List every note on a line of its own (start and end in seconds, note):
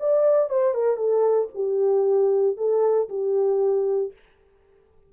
0.00 0.50 D5
0.50 0.74 C5
0.74 0.97 A#4
0.97 1.49 A4
1.55 2.57 G4
2.57 3.09 A4
3.09 4.13 G4